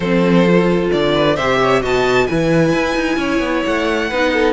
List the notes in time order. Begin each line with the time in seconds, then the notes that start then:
0.00 F3 C4 A4 C5
0.46 F4
0.91 D3 D5
1.14 B4
1.35 C3 G4 C5 E5
1.61 C#5
1.81 B2 F#4 D#5 A5
2.26 E3 E4 B4 G#5
2.72 E4
2.95 D#4
3.16 C#4 C#5
3.39 B3
3.64 A3 F#5
4.09 B3 D#4 B4
4.33 A4